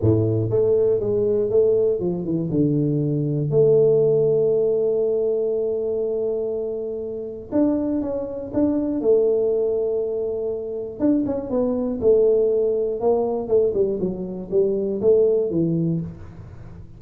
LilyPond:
\new Staff \with { instrumentName = "tuba" } { \time 4/4 \tempo 4 = 120 a,4 a4 gis4 a4 | f8 e8 d2 a4~ | a1~ | a2. d'4 |
cis'4 d'4 a2~ | a2 d'8 cis'8 b4 | a2 ais4 a8 g8 | fis4 g4 a4 e4 | }